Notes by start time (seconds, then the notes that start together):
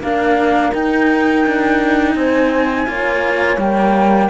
0.00 A#3 D4 A#4 F5
0.73 D#4 G5
1.47 D4
2.15 C4 C5 G#5
2.86 A#3 F4 C#5
3.57 G3 A#3 G5